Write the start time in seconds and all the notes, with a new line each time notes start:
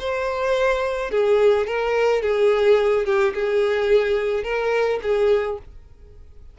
0.00 C5
1.11 G#4
1.67 A#4
2.23 G#4
3.06 G4
3.35 G#4
4.44 A#4
5.03 G#4